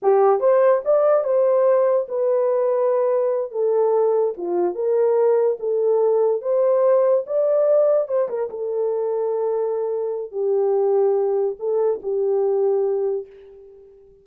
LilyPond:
\new Staff \with { instrumentName = "horn" } { \time 4/4 \tempo 4 = 145 g'4 c''4 d''4 c''4~ | c''4 b'2.~ | b'8 a'2 f'4 ais'8~ | ais'4. a'2 c''8~ |
c''4. d''2 c''8 | ais'8 a'2.~ a'8~ | a'4 g'2. | a'4 g'2. | }